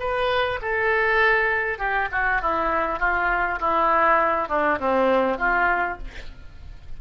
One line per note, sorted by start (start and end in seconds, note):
0.00 0.60 B4
0.62 1.79 A4
1.79 2.09 G4
2.12 2.42 F#4
2.42 2.99 E4
2.99 3.59 F4
3.60 4.49 E4
4.49 4.79 D4
4.81 5.38 C4
5.38 5.98 F4